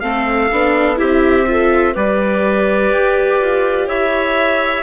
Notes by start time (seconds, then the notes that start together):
0.00 A3 C4 A4 F5
0.52 B3 D4
0.96 C4 E4 G4 E5
1.47 F4 A4
1.93 G3 G4 B4 D5
2.91 G4
3.41 F4
3.87 E4 C#5 E5